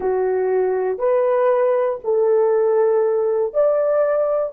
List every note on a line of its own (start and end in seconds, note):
0.00 0.98 F#4
0.98 1.99 B4
2.04 3.53 A4
3.53 4.53 D5